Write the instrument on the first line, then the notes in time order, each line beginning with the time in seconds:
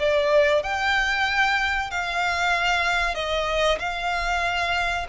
violin
0.00 D5
0.64 G5
1.91 F5
3.15 D#5
3.79 F5